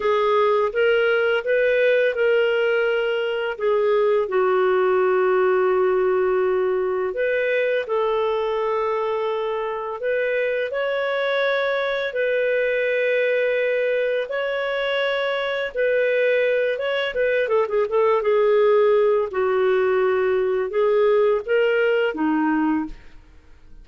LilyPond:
\new Staff \with { instrumentName = "clarinet" } { \time 4/4 \tempo 4 = 84 gis'4 ais'4 b'4 ais'4~ | ais'4 gis'4 fis'2~ | fis'2 b'4 a'4~ | a'2 b'4 cis''4~ |
cis''4 b'2. | cis''2 b'4. cis''8 | b'8 a'16 gis'16 a'8 gis'4. fis'4~ | fis'4 gis'4 ais'4 dis'4 | }